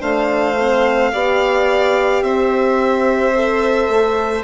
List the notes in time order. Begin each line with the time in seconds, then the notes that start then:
0.00 A3 D4 C5 F5
0.59 C4
1.13 B3 G4 D5
2.23 C4 C5 E5
3.35 A4
3.89 A3